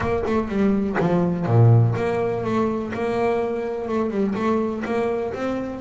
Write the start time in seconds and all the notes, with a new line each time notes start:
0.00 A#3
0.26 A3
0.48 G3
0.99 F3
1.46 A#2
1.96 A#3
2.44 A3
2.93 A#3
3.88 A3
4.10 G3
4.35 A3
4.84 A#3
5.33 C4